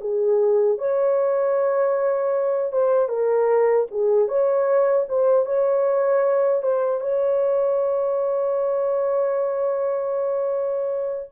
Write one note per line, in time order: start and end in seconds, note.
0.00 0.78 G#4
0.78 2.72 C#5
2.72 3.08 C5
3.08 3.86 A#4
3.90 4.28 G#4
4.28 5.05 C#5
5.08 5.45 C5
5.45 6.62 C#5
6.62 7.00 C5
7.00 11.29 C#5